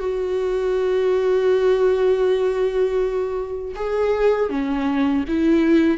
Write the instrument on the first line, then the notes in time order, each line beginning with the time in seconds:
viola
0.00 F#4
3.76 G#4
4.50 C#4
5.28 E4